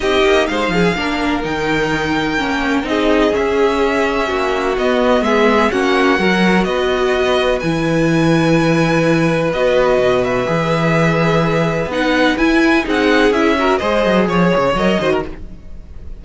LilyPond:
<<
  \new Staff \with { instrumentName = "violin" } { \time 4/4 \tempo 4 = 126 dis''4 f''2 g''4~ | g''2 dis''4 e''4~ | e''2 dis''4 e''4 | fis''2 dis''2 |
gis''1 | dis''4. e''2~ e''8~ | e''4 fis''4 gis''4 fis''4 | e''4 dis''4 cis''4 dis''4 | }
  \new Staff \with { instrumentName = "violin" } { \time 4/4 g'4 c''8 gis'8 ais'2~ | ais'2 gis'2~ | gis'4 fis'2 gis'4 | fis'4 ais'4 b'2~ |
b'1~ | b'1~ | b'2. gis'4~ | gis'8 ais'8 c''4 cis''4. c''16 ais'16 | }
  \new Staff \with { instrumentName = "viola" } { \time 4/4 dis'2 d'4 dis'4~ | dis'4 cis'4 dis'4 cis'4~ | cis'2 b2 | cis'4 fis'2. |
e'1 | fis'2 gis'2~ | gis'4 dis'4 e'4 dis'4 | e'8 fis'8 gis'2 ais'8 fis'8 | }
  \new Staff \with { instrumentName = "cello" } { \time 4/4 c'8 ais8 gis8 f8 ais4 dis4~ | dis4 ais4 c'4 cis'4~ | cis'4 ais4 b4 gis4 | ais4 fis4 b2 |
e1 | b4 b,4 e2~ | e4 b4 e'4 c'4 | cis'4 gis8 fis8 f8 cis8 fis8 dis8 | }
>>